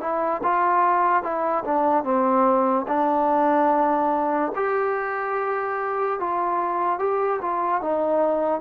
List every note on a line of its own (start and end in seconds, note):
0.00 0.41 E4
0.43 1.23 F4
1.23 1.64 E4
1.64 2.04 D4
2.04 2.86 C4
2.88 4.52 D4
4.55 6.20 G4
6.20 6.99 F4
6.99 7.40 G4
7.41 7.81 F4
7.81 8.61 D#4